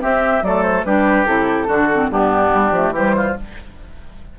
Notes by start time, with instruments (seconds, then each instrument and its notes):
0.00 clarinet C4, bassoon C4, oboe G4, flute E5
0.43 bassoon F#3, clarinet A3, oboe A4, flute D5
0.63 flute C5
0.85 bassoon G3, clarinet D4, oboe G4, flute B4
1.26 bassoon C3, clarinet E4, flute A4
1.67 bassoon D3, clarinet D4, oboe F#4
1.94 clarinet C4
2.10 bassoon G2, clarinet B3, oboe D4, flute G4
2.54 bassoon G3
2.72 bassoon F3, clarinet A3
2.91 bassoon E3, clarinet G3, oboe G4
2.97 flute C5
3.17 oboe F4